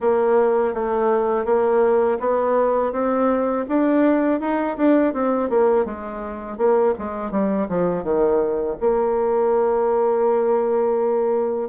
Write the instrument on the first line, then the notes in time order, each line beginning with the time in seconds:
bassoon
0.00 A#3
0.74 A3
1.45 A#3
2.19 B3
2.92 C4
3.68 D4
4.40 D#4
4.77 D4
5.13 C4
5.49 A#3
5.85 G#3
6.57 A#3
6.98 G#3
7.31 G3
7.68 F3
8.03 D#3
8.80 A#3